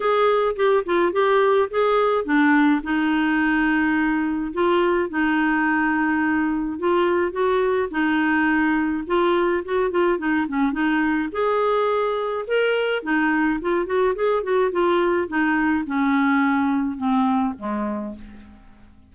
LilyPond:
\new Staff \with { instrumentName = "clarinet" } { \time 4/4 \tempo 4 = 106 gis'4 g'8 f'8 g'4 gis'4 | d'4 dis'2. | f'4 dis'2. | f'4 fis'4 dis'2 |
f'4 fis'8 f'8 dis'8 cis'8 dis'4 | gis'2 ais'4 dis'4 | f'8 fis'8 gis'8 fis'8 f'4 dis'4 | cis'2 c'4 gis4 | }